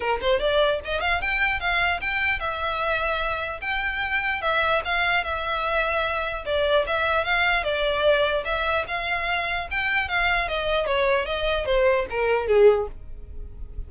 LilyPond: \new Staff \with { instrumentName = "violin" } { \time 4/4 \tempo 4 = 149 ais'8 c''8 d''4 dis''8 f''8 g''4 | f''4 g''4 e''2~ | e''4 g''2 e''4 | f''4 e''2. |
d''4 e''4 f''4 d''4~ | d''4 e''4 f''2 | g''4 f''4 dis''4 cis''4 | dis''4 c''4 ais'4 gis'4 | }